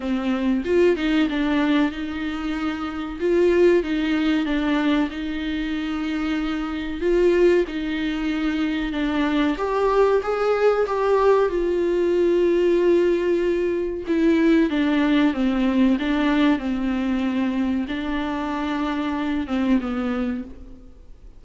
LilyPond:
\new Staff \with { instrumentName = "viola" } { \time 4/4 \tempo 4 = 94 c'4 f'8 dis'8 d'4 dis'4~ | dis'4 f'4 dis'4 d'4 | dis'2. f'4 | dis'2 d'4 g'4 |
gis'4 g'4 f'2~ | f'2 e'4 d'4 | c'4 d'4 c'2 | d'2~ d'8 c'8 b4 | }